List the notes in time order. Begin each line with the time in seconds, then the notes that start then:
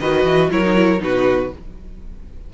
0.00 D#3 F#4 B4 D#5
0.24 E3
0.51 F#3 E4 A#4 C#5
0.63 D#4
0.75 E4
0.99 B2 D#4 F#4 B4